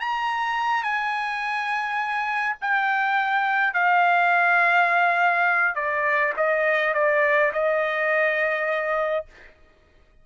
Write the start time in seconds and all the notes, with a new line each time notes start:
0.00 A#5
0.83 G#5
2.61 G5
3.74 F5
5.76 D5
6.37 D#5
6.94 D5
7.53 D#5